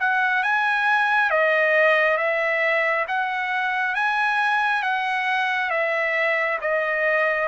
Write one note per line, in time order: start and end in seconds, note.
0.00 0.43 F#5
0.43 1.30 G#5
1.30 2.17 D#5
2.17 3.06 E5
3.08 3.95 F#5
3.95 4.82 G#5
4.82 5.70 F#5
5.70 6.59 E5
6.61 7.48 D#5